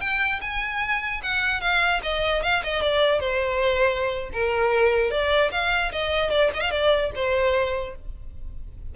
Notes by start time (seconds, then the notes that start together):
0.00 G5
0.41 G#5
1.22 F#5
1.60 F5
2.02 D#5
2.42 F5
2.63 D#5
2.81 D5
3.20 C5
4.33 A#4
5.10 D5
5.51 F5
5.92 D#5
6.30 D5
6.54 D#5
6.60 F5
6.70 D5
7.15 C5